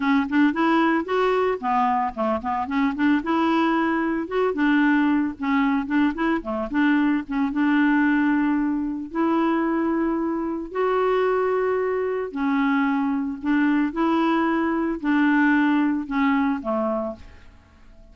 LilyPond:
\new Staff \with { instrumentName = "clarinet" } { \time 4/4 \tempo 4 = 112 cis'8 d'8 e'4 fis'4 b4 | a8 b8 cis'8 d'8 e'2 | fis'8 d'4. cis'4 d'8 e'8 | a8 d'4 cis'8 d'2~ |
d'4 e'2. | fis'2. cis'4~ | cis'4 d'4 e'2 | d'2 cis'4 a4 | }